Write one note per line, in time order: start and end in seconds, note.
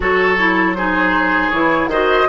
0.00 1.51 F#3
0.00 0.37 F#4
0.00 0.76 A4
0.00 0.74 C#5
0.37 0.75 E4
0.74 1.53 D#4
0.74 1.90 G#4
0.74 1.50 C5
1.50 1.87 E3
1.50 1.91 E4
1.50 1.88 C#5
1.87 2.25 D#3
1.87 2.28 F#4
1.87 2.28 C5
1.87 2.28 D#5